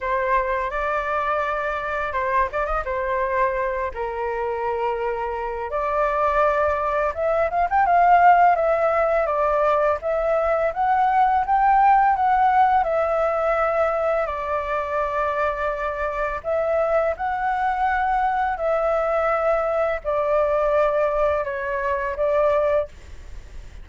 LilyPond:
\new Staff \with { instrumentName = "flute" } { \time 4/4 \tempo 4 = 84 c''4 d''2 c''8 d''16 dis''16 | c''4. ais'2~ ais'8 | d''2 e''8 f''16 g''16 f''4 | e''4 d''4 e''4 fis''4 |
g''4 fis''4 e''2 | d''2. e''4 | fis''2 e''2 | d''2 cis''4 d''4 | }